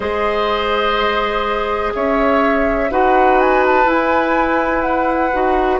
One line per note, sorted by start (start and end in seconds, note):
0.00 1.93 G#3
0.00 2.90 G#4
0.00 1.93 C5
0.00 1.94 D#5
1.94 2.91 C#4
1.94 2.91 C#5
1.94 2.91 E5
2.90 3.85 D#4
2.90 3.84 F#4
2.90 5.80 B4
2.90 3.40 F#5
3.40 3.64 G#5
3.66 3.89 A5
3.84 5.30 E4
3.84 4.81 G#5
4.81 5.78 F#5
5.32 5.80 D#4
5.32 5.80 F#4